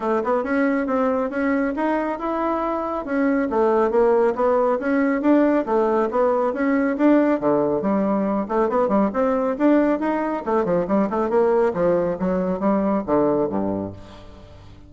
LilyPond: \new Staff \with { instrumentName = "bassoon" } { \time 4/4 \tempo 4 = 138 a8 b8 cis'4 c'4 cis'4 | dis'4 e'2 cis'4 | a4 ais4 b4 cis'4 | d'4 a4 b4 cis'4 |
d'4 d4 g4. a8 | b8 g8 c'4 d'4 dis'4 | a8 f8 g8 a8 ais4 f4 | fis4 g4 d4 g,4 | }